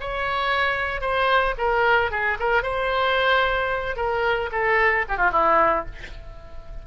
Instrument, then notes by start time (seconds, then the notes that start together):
oboe
0.00 C#5
1.01 C5
1.58 A#4
2.11 G#4
2.39 A#4
2.62 C5
3.96 A#4
4.51 A4
5.08 G4
5.17 F4
5.32 E4